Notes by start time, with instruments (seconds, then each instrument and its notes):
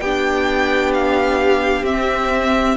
0.00 cello B3, viola D4, violin G4 G5
0.94 violin F5
1.82 cello C4, viola C4, violin E5